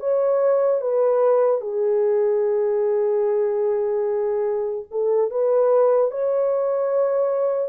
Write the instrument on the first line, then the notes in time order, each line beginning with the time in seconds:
horn
0.00 C#5
0.81 B4
1.61 G#4
4.91 A4
5.31 B4
6.11 C#5